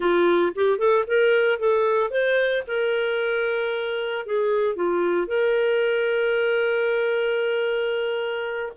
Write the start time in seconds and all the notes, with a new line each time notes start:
0.00 F4
0.55 G4
0.78 A4
1.07 A#4
1.59 A4
2.10 C5
2.67 A#4
4.26 G#4
4.75 F4
5.27 A#4